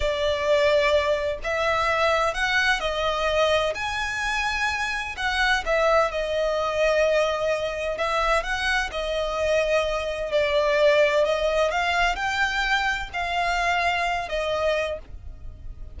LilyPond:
\new Staff \with { instrumentName = "violin" } { \time 4/4 \tempo 4 = 128 d''2. e''4~ | e''4 fis''4 dis''2 | gis''2. fis''4 | e''4 dis''2.~ |
dis''4 e''4 fis''4 dis''4~ | dis''2 d''2 | dis''4 f''4 g''2 | f''2~ f''8 dis''4. | }